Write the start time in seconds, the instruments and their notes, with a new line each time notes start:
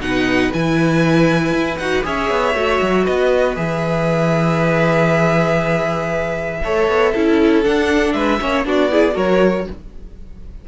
0.00 cello B2, viola D#4, violin B4 F#5
0.53 cello E3, viola E4, violin G#5
1.53 cello E4
1.77 cello D#4, viola F#4, violin F#5
2.03 cello C#4, viola G#4, violin C#5 E5
2.30 cello B3
2.54 cello A3, viola F#4
2.82 cello F#3
3.04 cello B3, violin B4 D#5
3.56 cello E3, viola G#4, violin E5
6.64 cello A3, viola A4, violin C#5
6.88 cello B3
7.12 cello C#4, viola E4, violin A4
7.63 viola D4, cello D4, violin F#5
8.13 cello G#3, violin B4 E5
8.40 cello A#3, viola C#4, violin C#5
8.65 cello B3, viola D4, violin F#4 D5
8.90 viola E4, violin G#4
9.12 cello F#3, viola F#4, violin A#4 C#5